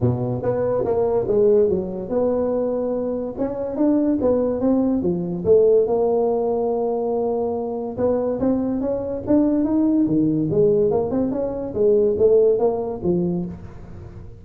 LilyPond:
\new Staff \with { instrumentName = "tuba" } { \time 4/4 \tempo 4 = 143 b,4 b4 ais4 gis4 | fis4 b2. | cis'4 d'4 b4 c'4 | f4 a4 ais2~ |
ais2. b4 | c'4 cis'4 d'4 dis'4 | dis4 gis4 ais8 c'8 cis'4 | gis4 a4 ais4 f4 | }